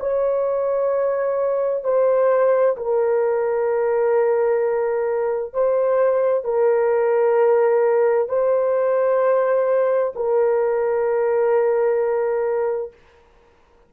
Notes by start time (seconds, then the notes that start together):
0.00 C#5
1.84 C5
2.77 A#4
5.53 C5
6.44 A#4
8.29 C5
10.16 A#4